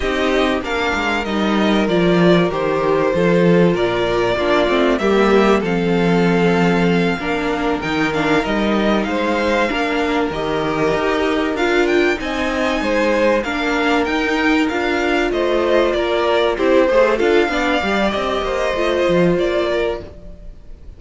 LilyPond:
<<
  \new Staff \with { instrumentName = "violin" } { \time 4/4 \tempo 4 = 96 dis''4 f''4 dis''4 d''4 | c''2 d''2 | e''4 f''2.~ | f''8 g''8 f''8 dis''4 f''4.~ |
f''8 dis''2 f''8 g''8 gis''8~ | gis''4. f''4 g''4 f''8~ | f''8 dis''4 d''4 c''4 f''8~ | f''4 dis''2 d''4 | }
  \new Staff \with { instrumentName = "violin" } { \time 4/4 g'4 ais'2.~ | ais'4 a'4 ais'4 f'4 | g'4 a'2~ a'8 ais'8~ | ais'2~ ais'8 c''4 ais'8~ |
ais'2.~ ais'8 dis''8~ | dis''8 c''4 ais'2~ ais'8~ | ais'8 c''4 ais'4 g'8 c''8 a'8 | d''4. c''2 ais'8 | }
  \new Staff \with { instrumentName = "viola" } { \time 4/4 dis'4 d'4 dis'4 f'4 | g'4 f'2 d'8 c'8 | ais4 c'2~ c'8 d'8~ | d'8 dis'8 d'8 dis'2 d'8~ |
d'8 g'2 f'4 dis'8~ | dis'4. d'4 dis'4 f'8~ | f'2~ f'8 e'8 gis'8 f'8 | d'8 g'4. f'2 | }
  \new Staff \with { instrumentName = "cello" } { \time 4/4 c'4 ais8 gis8 g4 f4 | dis4 f4 ais,4 ais8 a8 | g4 f2~ f8 ais8~ | ais8 dis4 g4 gis4 ais8~ |
ais8 dis4 dis'4 d'4 c'8~ | c'8 gis4 ais4 dis'4 d'8~ | d'8 a4 ais4 c'8 a8 d'8 | b8 g8 c'8 ais8 a8 f8 ais4 | }
>>